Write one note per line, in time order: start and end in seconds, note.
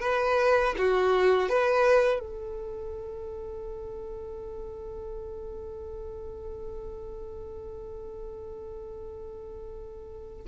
0.00 0.75 B4
0.78 1.49 F#4
1.49 2.20 B4
2.20 10.45 A4